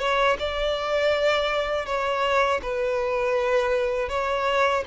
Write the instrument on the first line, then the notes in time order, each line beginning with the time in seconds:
violin
0.00 C#5
0.40 D5
1.86 C#5
2.62 B4
4.09 C#5